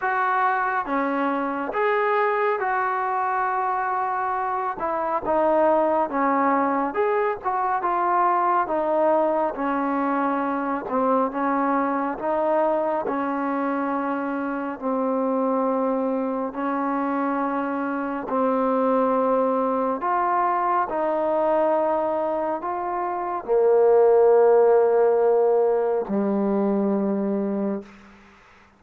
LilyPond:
\new Staff \with { instrumentName = "trombone" } { \time 4/4 \tempo 4 = 69 fis'4 cis'4 gis'4 fis'4~ | fis'4. e'8 dis'4 cis'4 | gis'8 fis'8 f'4 dis'4 cis'4~ | cis'8 c'8 cis'4 dis'4 cis'4~ |
cis'4 c'2 cis'4~ | cis'4 c'2 f'4 | dis'2 f'4 ais4~ | ais2 g2 | }